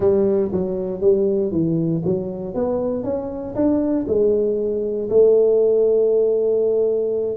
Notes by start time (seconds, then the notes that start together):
0.00 G3
0.52 F#3
1.00 G3
1.51 E3
2.04 F#3
2.54 B3
3.03 C#4
3.55 D4
4.07 G#3
5.09 A3